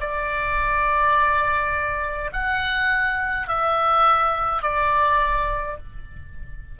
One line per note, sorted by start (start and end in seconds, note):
0.00 2.31 D5
2.32 3.47 F#5
3.47 4.62 E5
4.62 5.77 D5